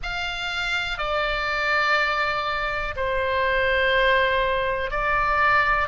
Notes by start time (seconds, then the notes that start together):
0.03 F5
0.97 D5
2.96 C5
4.90 D5